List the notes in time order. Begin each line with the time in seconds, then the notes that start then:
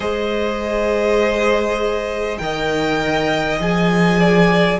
0.00 G#3 G#4 C5 D#5
2.38 D#3 A#4 D#5 G5
3.59 F3 G#4 G#5
4.19 D5